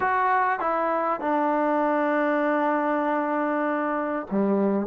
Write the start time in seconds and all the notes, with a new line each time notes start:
0.00 F#4
0.59 E4
1.20 D4
4.30 G3